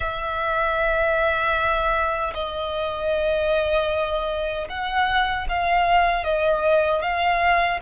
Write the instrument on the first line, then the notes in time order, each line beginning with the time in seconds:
violin
0.00 E5
2.34 D#5
4.69 F#5
5.48 F5
6.24 D#5
7.01 F5